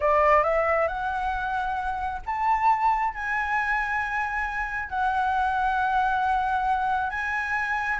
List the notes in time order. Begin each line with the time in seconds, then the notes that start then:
0.00 D5
0.43 E5
0.87 F#5
2.26 A5
3.14 G#5
4.89 F#5
7.10 G#5